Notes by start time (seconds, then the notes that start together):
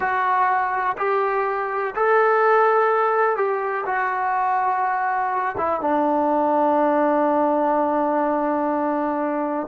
0.00 F#4
0.97 G4
1.95 A4
3.36 G4
3.86 F#4
5.57 E4
5.80 D4